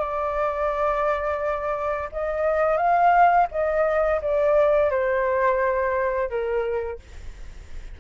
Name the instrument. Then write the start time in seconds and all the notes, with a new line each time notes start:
flute
0.00 D5
2.12 D#5
2.77 F5
3.51 D#5
4.22 D5
4.91 C5
6.30 A#4